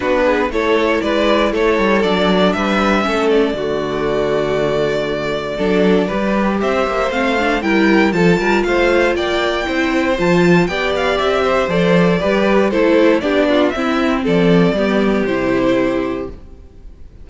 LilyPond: <<
  \new Staff \with { instrumentName = "violin" } { \time 4/4 \tempo 4 = 118 b'4 cis''4 d''4 cis''4 | d''4 e''4. d''4.~ | d''1~ | d''4 e''4 f''4 g''4 |
a''4 f''4 g''2 | a''4 g''8 f''8 e''4 d''4~ | d''4 c''4 d''4 e''4 | d''2 c''2 | }
  \new Staff \with { instrumentName = "violin" } { \time 4/4 fis'8 gis'8 a'4 b'4 a'4~ | a'4 b'4 a'4 fis'4~ | fis'2. a'4 | b'4 c''2 ais'4 |
a'8 ais'8 c''4 d''4 c''4~ | c''4 d''4. c''4. | b'4 a'4 g'8 f'8 e'4 | a'4 g'2. | }
  \new Staff \with { instrumentName = "viola" } { \time 4/4 d'4 e'2. | d'2 cis'4 a4~ | a2. d'4 | g'2 c'8 d'8 e'4 |
f'2. e'4 | f'4 g'2 a'4 | g'4 e'4 d'4 c'4~ | c'4 b4 e'2 | }
  \new Staff \with { instrumentName = "cello" } { \time 4/4 b4 a4 gis4 a8 g8 | fis4 g4 a4 d4~ | d2. fis4 | g4 c'8 ais8 a4 g4 |
f8 g8 a4 ais4 c'4 | f4 b4 c'4 f4 | g4 a4 b4 c'4 | f4 g4 c2 | }
>>